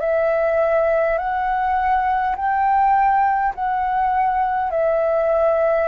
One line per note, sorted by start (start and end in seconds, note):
0.00 1.18 E5
1.18 2.35 F#5
2.36 3.53 G5
3.55 4.71 F#5
4.71 5.88 E5